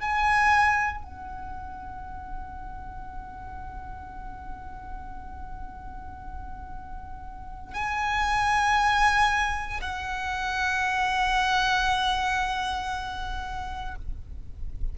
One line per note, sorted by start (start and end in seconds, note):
0.00 1.03 G#5
1.03 7.73 F#5
7.73 9.80 G#5
9.81 13.95 F#5